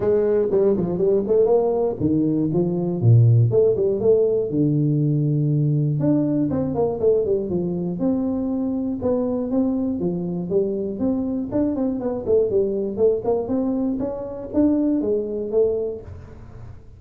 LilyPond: \new Staff \with { instrumentName = "tuba" } { \time 4/4 \tempo 4 = 120 gis4 g8 f8 g8 a8 ais4 | dis4 f4 ais,4 a8 g8 | a4 d2. | d'4 c'8 ais8 a8 g8 f4 |
c'2 b4 c'4 | f4 g4 c'4 d'8 c'8 | b8 a8 g4 a8 ais8 c'4 | cis'4 d'4 gis4 a4 | }